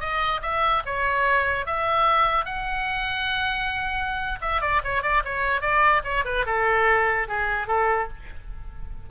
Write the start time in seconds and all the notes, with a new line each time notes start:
0.00 D#5
0.42 E5
0.86 C#5
1.66 E5
2.45 F#5
4.41 E5
4.61 D5
4.84 C#5
5.03 D5
5.25 C#5
5.61 D5
6.04 C#5
6.25 B4
6.46 A4
7.28 G#4
7.67 A4